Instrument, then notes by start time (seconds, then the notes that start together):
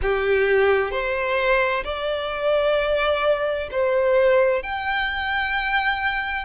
violin
0.02 G4
0.91 C5
1.84 D5
3.71 C5
4.62 G5